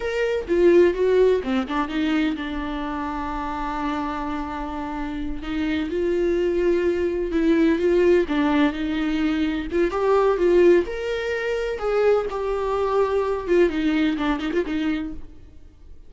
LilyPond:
\new Staff \with { instrumentName = "viola" } { \time 4/4 \tempo 4 = 127 ais'4 f'4 fis'4 c'8 d'8 | dis'4 d'2.~ | d'2.~ d'8 dis'8~ | dis'8 f'2. e'8~ |
e'8 f'4 d'4 dis'4.~ | dis'8 f'8 g'4 f'4 ais'4~ | ais'4 gis'4 g'2~ | g'8 f'8 dis'4 d'8 dis'16 f'16 dis'4 | }